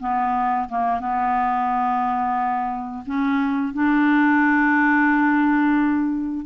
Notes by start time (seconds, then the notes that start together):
0.00 B3
0.69 A#3
1.00 B3
3.06 C#4
3.73 D4